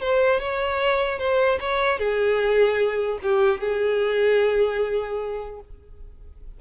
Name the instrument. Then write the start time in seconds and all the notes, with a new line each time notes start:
violin
0.00 C5
0.40 C#5
1.18 C5
1.60 C#5
1.99 G#4
3.22 G4
3.60 G#4